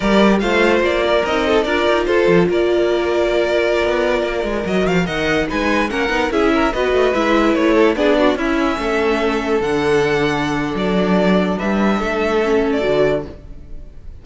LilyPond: <<
  \new Staff \with { instrumentName = "violin" } { \time 4/4 \tempo 4 = 145 d''4 f''4 d''4 dis''4 | d''4 c''4 d''2~ | d''2.~ d''16 dis''8 f''16~ | f''16 fis''4 gis''4 fis''4 e''8.~ |
e''16 dis''4 e''4 cis''4 d''8.~ | d''16 e''2. fis''8.~ | fis''2 d''2 | e''2~ e''8. d''4~ d''16 | }
  \new Staff \with { instrumentName = "violin" } { \time 4/4 ais'4 c''4. ais'4 a'8 | ais'4 a'4 ais'2~ | ais'1~ | ais'16 dis''4 b'4 ais'4 gis'8 ais'16~ |
ais'16 b'2~ b'8 a'8 gis'8 fis'16~ | fis'16 e'4 a'2~ a'8.~ | a'1 | b'4 a'2. | }
  \new Staff \with { instrumentName = "viola" } { \time 4/4 g'4 f'2 dis'4 | f'1~ | f'2.~ f'16 fis'8.~ | fis'16 ais'4 dis'4 cis'8 dis'8 e'8.~ |
e'16 fis'4 e'2 d'8.~ | d'16 cis'2. d'8.~ | d'1~ | d'2 cis'4 fis'4 | }
  \new Staff \with { instrumentName = "cello" } { \time 4/4 g4 a4 ais4 c'4 | d'8 dis'8 f'8 f8 ais2~ | ais4~ ais16 b4 ais8 gis8 fis8 f16~ | f16 dis4 gis4 ais8 b8 cis'8.~ |
cis'16 b8 a8 gis4 a4 b8.~ | b16 cis'4 a2 d8.~ | d2 fis2 | g4 a2 d4 | }
>>